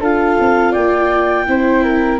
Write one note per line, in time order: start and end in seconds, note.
0.00 0.37 D4
0.00 1.46 F4
0.00 0.71 A4
0.00 0.73 F5
0.39 0.74 C4
0.71 1.47 A#3
0.71 1.44 D5
0.71 2.19 G5
1.46 2.19 C4
1.46 2.19 E4
1.46 1.83 C5
1.83 2.19 A#4